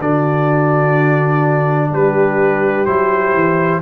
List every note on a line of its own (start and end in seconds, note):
0.00 1.90 D3
0.00 2.87 D4
0.00 1.90 F#4
0.00 1.92 D5
1.90 2.86 G3
1.90 3.81 G4
1.90 2.86 B4
2.86 3.34 F#3
2.86 3.82 E4
2.86 3.81 C5
3.34 3.82 E3